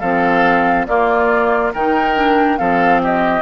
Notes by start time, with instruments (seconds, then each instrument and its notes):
0.00 bassoon F3, clarinet C4, oboe A4, flute F5
0.86 clarinet A#3, bassoon A#3, oboe F4, flute D5
1.73 bassoon D#3, clarinet D#4, oboe A#4, flute G5
2.15 clarinet D4
2.57 bassoon F3, clarinet C4, oboe A4, flute F5
3.02 oboe G4, flute D#5